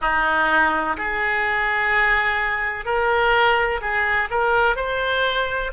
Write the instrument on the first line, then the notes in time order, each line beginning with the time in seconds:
oboe
0.01 D#4
0.97 G#4
2.85 A#4
3.81 G#4
4.30 A#4
4.76 C5